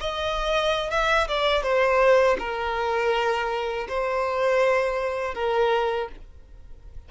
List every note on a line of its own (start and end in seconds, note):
0.00 0.90 D#5
0.90 1.27 E5
1.28 1.62 D5
1.62 2.36 C5
2.38 3.87 A#4
3.88 5.34 C5
5.34 6.08 A#4